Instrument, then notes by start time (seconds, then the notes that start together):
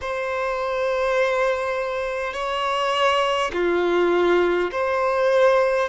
violin
0.01 C5
2.33 C#5
3.53 F4
4.71 C5